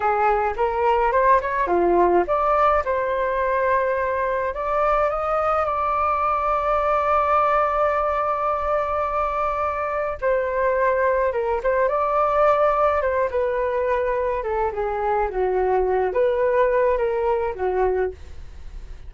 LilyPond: \new Staff \with { instrumentName = "flute" } { \time 4/4 \tempo 4 = 106 gis'4 ais'4 c''8 cis''8 f'4 | d''4 c''2. | d''4 dis''4 d''2~ | d''1~ |
d''2 c''2 | ais'8 c''8 d''2 c''8 b'8~ | b'4. a'8 gis'4 fis'4~ | fis'8 b'4. ais'4 fis'4 | }